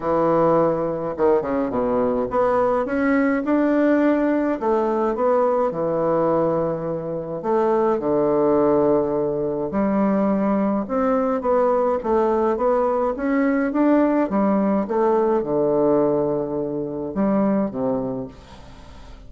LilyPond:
\new Staff \with { instrumentName = "bassoon" } { \time 4/4 \tempo 4 = 105 e2 dis8 cis8 b,4 | b4 cis'4 d'2 | a4 b4 e2~ | e4 a4 d2~ |
d4 g2 c'4 | b4 a4 b4 cis'4 | d'4 g4 a4 d4~ | d2 g4 c4 | }